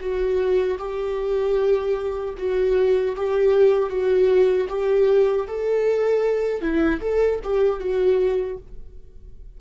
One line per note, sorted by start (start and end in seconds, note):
0.00 0.78 F#4
0.79 2.34 G4
2.38 3.16 F#4
3.16 3.90 G4
3.90 4.68 F#4
4.69 5.47 G4
5.47 6.61 A4
6.61 7.00 E4
7.01 7.40 A4
7.43 7.80 G4
7.80 8.57 F#4